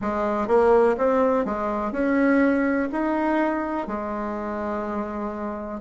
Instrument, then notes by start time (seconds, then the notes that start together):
bassoon
0.01 G#3
0.48 A#3
0.97 C4
1.45 G#3
1.92 C#4
2.92 D#4
3.87 G#3